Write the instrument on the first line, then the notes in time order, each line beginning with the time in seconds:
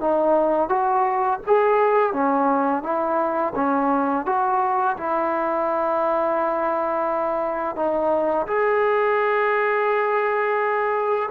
trombone
0.00 D#4
0.69 F#4
1.46 G#4
2.13 C#4
2.83 E4
3.55 C#4
4.26 F#4
4.97 E4
7.76 D#4
8.47 G#4